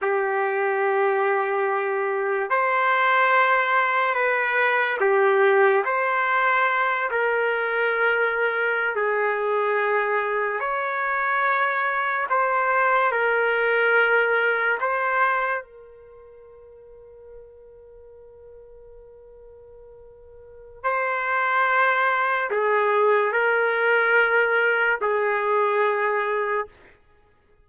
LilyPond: \new Staff \with { instrumentName = "trumpet" } { \time 4/4 \tempo 4 = 72 g'2. c''4~ | c''4 b'4 g'4 c''4~ | c''8 ais'2~ ais'16 gis'4~ gis'16~ | gis'8. cis''2 c''4 ais'16~ |
ais'4.~ ais'16 c''4 ais'4~ ais'16~ | ais'1~ | ais'4 c''2 gis'4 | ais'2 gis'2 | }